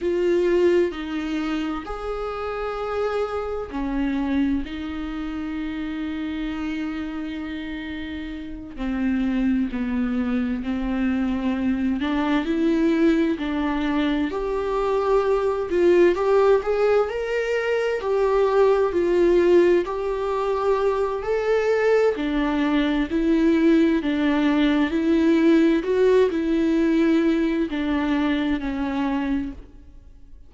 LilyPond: \new Staff \with { instrumentName = "viola" } { \time 4/4 \tempo 4 = 65 f'4 dis'4 gis'2 | cis'4 dis'2.~ | dis'4. c'4 b4 c'8~ | c'4 d'8 e'4 d'4 g'8~ |
g'4 f'8 g'8 gis'8 ais'4 g'8~ | g'8 f'4 g'4. a'4 | d'4 e'4 d'4 e'4 | fis'8 e'4. d'4 cis'4 | }